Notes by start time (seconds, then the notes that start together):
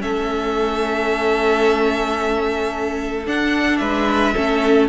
0.00 A3 C#4 A4 E5
3.27 D4 F#5
3.78 G#3 B4 E5
4.35 A3 C#4 A4